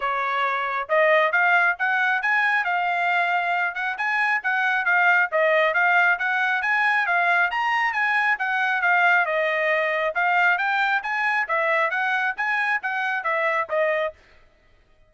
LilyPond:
\new Staff \with { instrumentName = "trumpet" } { \time 4/4 \tempo 4 = 136 cis''2 dis''4 f''4 | fis''4 gis''4 f''2~ | f''8 fis''8 gis''4 fis''4 f''4 | dis''4 f''4 fis''4 gis''4 |
f''4 ais''4 gis''4 fis''4 | f''4 dis''2 f''4 | g''4 gis''4 e''4 fis''4 | gis''4 fis''4 e''4 dis''4 | }